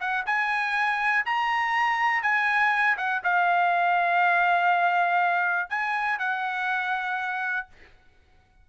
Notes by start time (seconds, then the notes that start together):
0.00 F#5
0.26 G#5
1.25 A#5
2.22 G#5
2.97 F#5
3.23 F5
5.69 G#5
6.19 F#5